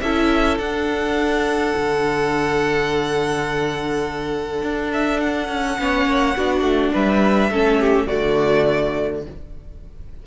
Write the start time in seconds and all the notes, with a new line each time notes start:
0.00 C#4 E4 A4 E5
0.58 D4 F#5
1.76 D3
4.62 D4
4.93 E5
5.20 F#5
5.48 C#4
5.78 B3 C#4 C#5
6.06 A#3
6.36 B3 D4 F#4
6.61 A3
6.93 G3 B4 E5
7.49 A3 C#4 A4
7.80 G4
8.06 D3 A3 F#4 D5